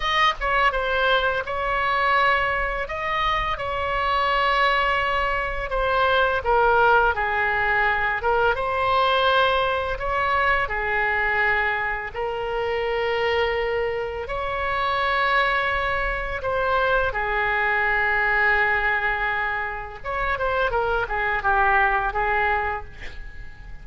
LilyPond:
\new Staff \with { instrumentName = "oboe" } { \time 4/4 \tempo 4 = 84 dis''8 cis''8 c''4 cis''2 | dis''4 cis''2. | c''4 ais'4 gis'4. ais'8 | c''2 cis''4 gis'4~ |
gis'4 ais'2. | cis''2. c''4 | gis'1 | cis''8 c''8 ais'8 gis'8 g'4 gis'4 | }